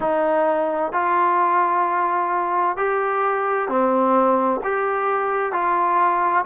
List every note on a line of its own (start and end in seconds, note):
0.00 0.92 D#4
0.92 2.77 F4
2.77 3.68 G4
3.68 4.60 C4
4.63 5.52 G4
5.52 6.44 F4